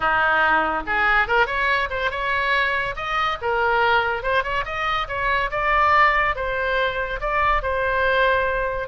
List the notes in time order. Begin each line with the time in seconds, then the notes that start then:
0.00 D#4
0.86 G#4
1.27 A#4
1.46 C#5
1.90 C5
2.10 C#5
2.95 D#5
3.41 A#4
4.22 C5
4.43 C#5
4.65 D#5
5.08 C#5
5.50 D5
6.35 C5
7.20 D5
7.62 C5